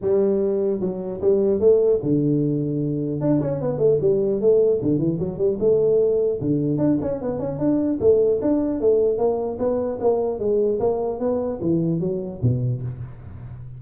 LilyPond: \new Staff \with { instrumentName = "tuba" } { \time 4/4 \tempo 4 = 150 g2 fis4 g4 | a4 d2. | d'8 cis'8 b8 a8 g4 a4 | d8 e8 fis8 g8 a2 |
d4 d'8 cis'8 b8 cis'8 d'4 | a4 d'4 a4 ais4 | b4 ais4 gis4 ais4 | b4 e4 fis4 b,4 | }